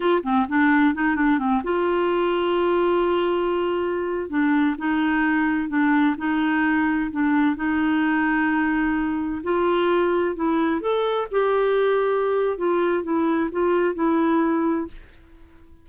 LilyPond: \new Staff \with { instrumentName = "clarinet" } { \time 4/4 \tempo 4 = 129 f'8 c'8 d'4 dis'8 d'8 c'8 f'8~ | f'1~ | f'4~ f'16 d'4 dis'4.~ dis'16~ | dis'16 d'4 dis'2 d'8.~ |
d'16 dis'2.~ dis'8.~ | dis'16 f'2 e'4 a'8.~ | a'16 g'2~ g'8. f'4 | e'4 f'4 e'2 | }